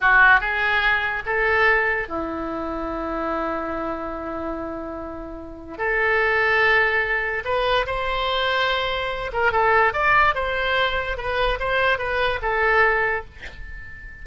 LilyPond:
\new Staff \with { instrumentName = "oboe" } { \time 4/4 \tempo 4 = 145 fis'4 gis'2 a'4~ | a'4 e'2.~ | e'1~ | e'2 a'2~ |
a'2 b'4 c''4~ | c''2~ c''8 ais'8 a'4 | d''4 c''2 b'4 | c''4 b'4 a'2 | }